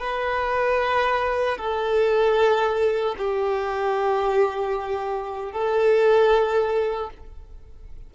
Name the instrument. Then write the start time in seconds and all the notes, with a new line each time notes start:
violin
0.00 B4
1.57 A4
3.18 G4
5.52 A4